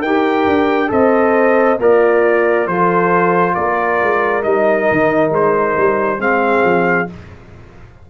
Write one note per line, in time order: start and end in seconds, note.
0.00 0.45 D#4
0.00 0.87 G4
0.00 0.88 A#4
0.00 0.90 G5
0.46 0.90 D4
0.87 1.79 C4
0.87 1.76 A4
0.87 1.79 C5
0.87 1.80 D#5
1.79 2.66 A#3
1.79 2.68 F4
1.79 2.68 A#4
1.79 2.67 D5
2.66 3.54 F3
2.66 4.43 F4
2.66 3.54 A4
2.66 3.54 C5
3.54 4.01 A#3
3.54 6.19 A#4
3.54 4.42 D5
4.02 4.44 G#3
4.43 4.88 G3
4.43 6.18 D#4
4.43 5.31 D#5
4.91 5.30 D#3
5.30 5.74 G#3
5.30 6.21 C5
5.77 6.18 G3
6.18 6.62 G#3
6.18 7.07 C4
6.18 7.09 G#4
6.18 7.09 F5
6.63 7.08 F3